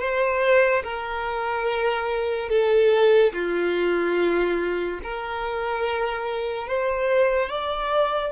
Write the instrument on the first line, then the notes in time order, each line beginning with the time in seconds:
violin
0.00 C5
0.83 A#4
2.50 A4
3.33 F4
5.03 A#4
6.68 C5
7.50 D5